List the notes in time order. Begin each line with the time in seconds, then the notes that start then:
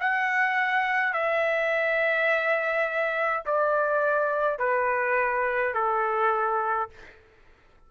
0.00 F#5
1.13 E5
3.46 D5
4.59 B4
5.74 A4